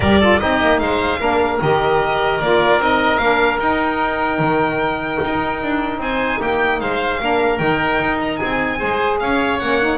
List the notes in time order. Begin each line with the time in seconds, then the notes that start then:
0.00 G3 G4 A#4 D5
0.20 F4 A4
0.38 C4 D#4 G4 D#5
0.60 A#3
0.79 G#3 C5 F5
1.19 A#3 D4 A#4
1.60 D#3 G4 D#5
2.40 A#3 F4 D5
2.78 C4 D#4 D#5
3.18 A#3 D4 F5
3.59 D#4 G5
4.39 D#3
5.24 D#4
5.62 D4
5.97 C4 C5 G#5
6.39 A#3 G4 G5
6.80 G#3 C5 F5
7.19 A#3 D4 A#4
7.58 D#3 D#4 G5
8.00 D#4
8.21 A#5
8.36 G#4 G#5
8.42 C4
8.78 G#3 G#4 C5
9.19 C#4 C#5 F5
9.59 A#3 C#4 F#5
9.81 D#4